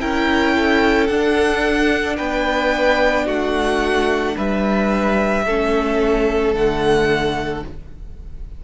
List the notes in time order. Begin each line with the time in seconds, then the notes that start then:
0.00 C#4 E4 A#4 G5
0.55 A4
1.07 D4 F#5
2.17 B3 B4 G5
3.26 A3 F#4 F#5
4.36 G3 B4 E5
5.46 A3 C#4 A4
6.54 D3 A3 F#5